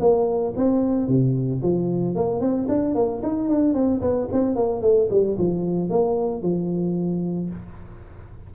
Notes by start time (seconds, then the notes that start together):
0.00 A#3
0.56 C4
1.08 C3
1.62 F3
2.15 A#3
2.41 C4
2.69 D4
2.95 A#3
3.23 D#4
3.49 D4
3.74 C4
4.01 B3
4.32 C4
4.56 A#3
4.82 A3
5.11 G3
5.38 F3
5.90 A#3
6.43 F3